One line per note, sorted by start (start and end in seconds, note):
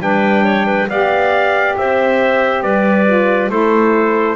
0.00 0.87 G3
0.00 0.87 D4
0.00 0.44 B4
0.00 0.89 G5
0.44 0.66 C#5
0.66 0.88 B4
0.89 1.76 B3
0.89 3.06 G4
0.89 1.77 D5
0.89 1.77 F5
1.77 2.63 C4
1.77 2.63 C5
1.77 2.62 E5
2.62 3.49 G3
2.62 3.50 B4
2.62 3.49 D5
3.06 3.49 F4
3.49 4.36 A3
3.49 4.36 E4
3.49 4.36 A4
3.49 4.36 C5